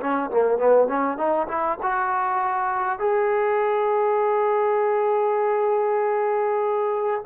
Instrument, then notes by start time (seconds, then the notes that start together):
trombone
0.00 C#4
0.31 A#3
0.58 B3
0.88 C#4
1.17 D#4
1.48 E4
1.83 F#4
2.99 G#4